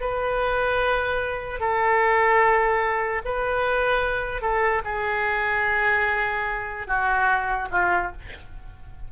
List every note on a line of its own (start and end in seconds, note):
0.00 1.60 B4
1.60 3.22 A4
3.25 4.42 B4
4.42 4.82 A4
4.85 6.87 G#4
6.87 7.68 F#4
7.71 8.12 F4